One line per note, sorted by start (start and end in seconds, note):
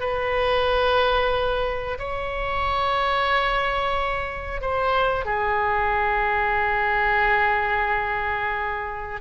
0.00 1.98 B4
1.99 4.61 C#5
4.61 5.25 C5
5.25 9.21 G#4